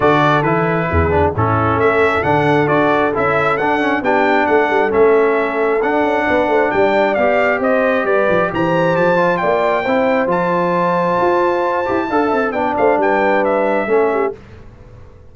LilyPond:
<<
  \new Staff \with { instrumentName = "trumpet" } { \time 4/4 \tempo 4 = 134 d''4 b'2 a'4 | e''4 fis''4 d''4 e''4 | fis''4 g''4 fis''4 e''4~ | e''4 fis''2 g''4 |
f''4 dis''4 d''4 ais''4 | a''4 g''2 a''4~ | a''1 | g''8 f''8 g''4 e''2 | }
  \new Staff \with { instrumentName = "horn" } { \time 4/4 a'2 gis'4 e'4 | a'1~ | a'4 g'4 a'2~ | a'2 b'8 c''8 d''4~ |
d''4 c''4 b'4 c''4~ | c''4 d''4 c''2~ | c''2. f''8 e''8 | d''8 c''8 b'2 a'8 g'8 | }
  \new Staff \with { instrumentName = "trombone" } { \time 4/4 fis'4 e'4. d'8 cis'4~ | cis'4 d'4 fis'4 e'4 | d'8 cis'8 d'2 cis'4~ | cis'4 d'2. |
g'1~ | g'8 f'4. e'4 f'4~ | f'2~ f'8 g'8 a'4 | d'2. cis'4 | }
  \new Staff \with { instrumentName = "tuba" } { \time 4/4 d4 e4 e,4 a,4 | a4 d4 d'4 cis'4 | d'4 b4 a8 g8 a4~ | a4 d'8 cis'8 b8 a8 g4 |
b4 c'4 g8 f8 e4 | f4 ais4 c'4 f4~ | f4 f'4. e'8 d'8 c'8 | b8 a8 g2 a4 | }
>>